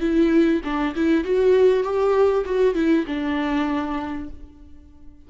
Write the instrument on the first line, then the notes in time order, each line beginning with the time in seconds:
viola
0.00 E4
0.64 D4
0.95 E4
1.24 F#4
1.83 G4
2.45 F#4
2.74 E4
3.06 D4